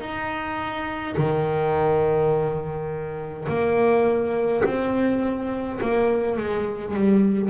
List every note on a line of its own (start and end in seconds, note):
0.00 1.15 D#4
1.17 3.48 D#3
3.48 4.63 A#3
4.64 5.79 C4
5.81 6.37 A#3
6.37 6.94 G#3
6.94 7.49 G3